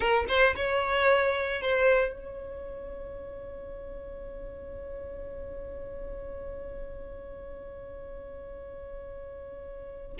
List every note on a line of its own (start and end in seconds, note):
0.00 0.25 A#4
0.28 0.55 C5
0.55 1.61 C#5
1.61 2.13 C5
2.13 10.17 C#5